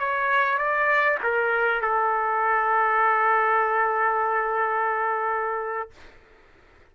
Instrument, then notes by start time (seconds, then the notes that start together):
trumpet
0.00 C#5
0.58 D5
1.23 A#4
1.82 A4